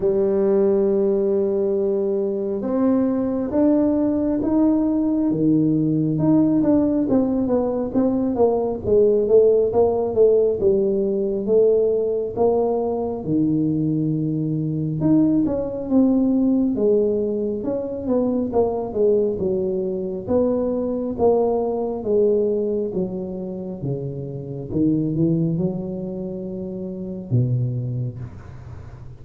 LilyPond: \new Staff \with { instrumentName = "tuba" } { \time 4/4 \tempo 4 = 68 g2. c'4 | d'4 dis'4 dis4 dis'8 d'8 | c'8 b8 c'8 ais8 gis8 a8 ais8 a8 | g4 a4 ais4 dis4~ |
dis4 dis'8 cis'8 c'4 gis4 | cis'8 b8 ais8 gis8 fis4 b4 | ais4 gis4 fis4 cis4 | dis8 e8 fis2 b,4 | }